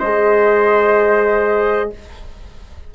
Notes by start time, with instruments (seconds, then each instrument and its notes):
0.00 bassoon G#3, horn G#4, trumpet C5, flute D#5